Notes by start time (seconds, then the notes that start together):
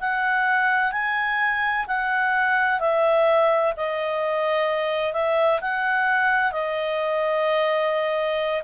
0.00 F#5
0.92 G#5
1.87 F#5
2.80 E5
3.76 D#5
5.13 E5
5.61 F#5
6.52 D#5